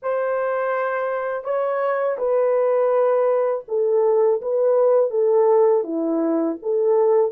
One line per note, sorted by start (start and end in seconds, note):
0.02 1.44 C5
1.44 2.17 C#5
2.18 3.64 B4
3.68 4.41 A4
4.41 5.10 B4
5.10 5.83 A4
5.83 6.57 E4
6.62 7.31 A4